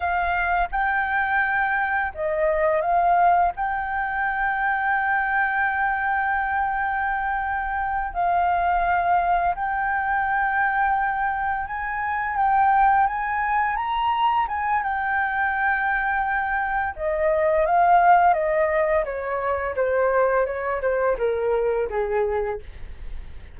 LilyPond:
\new Staff \with { instrumentName = "flute" } { \time 4/4 \tempo 4 = 85 f''4 g''2 dis''4 | f''4 g''2.~ | g''2.~ g''8 f''8~ | f''4. g''2~ g''8~ |
g''8 gis''4 g''4 gis''4 ais''8~ | ais''8 gis''8 g''2. | dis''4 f''4 dis''4 cis''4 | c''4 cis''8 c''8 ais'4 gis'4 | }